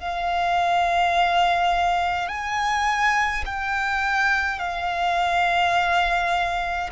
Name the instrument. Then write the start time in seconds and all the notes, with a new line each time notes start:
violin
0.00 F5
2.29 G#5
3.46 G5
4.59 F5